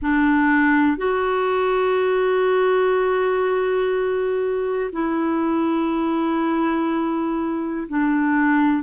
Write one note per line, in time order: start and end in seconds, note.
0.01 0.97 D4
0.97 4.90 F#4
4.92 7.87 E4
7.88 8.83 D4